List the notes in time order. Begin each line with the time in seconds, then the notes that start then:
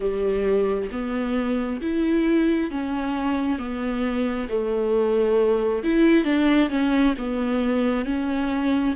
0.00 G3
0.91 B3
1.81 E4
2.70 C#4
3.58 B3
4.49 A3
5.83 E4
6.24 D4
6.69 C#4
7.18 B3
8.05 C#4